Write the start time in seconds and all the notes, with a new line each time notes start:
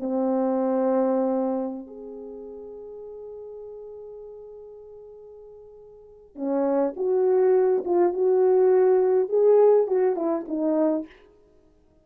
0.00 C4
1.87 G#4
6.36 C#4
6.97 F#4
7.85 F4
8.14 F#4
9.29 G#4
9.88 F#4
10.17 E4
10.48 D#4